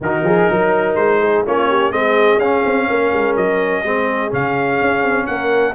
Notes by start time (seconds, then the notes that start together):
0.00 D#3 D#4 F#4 A#4
0.22 F3 G#4
0.48 F#3 A#4
0.95 G#3 C5
1.21 G#4
1.46 A#3 C#4 F4 C#5
1.68 G4
1.90 G#3 C4 G#4 D#5
2.37 C#4 F5
2.65 C4
2.88 A#3 A#4
3.13 G#3
3.36 F#3 D#5
3.83 G#3 C4 G#4
4.30 C#3 C#4 F5
4.81 C#4
5.02 C4
5.26 A#3 A#4 F#5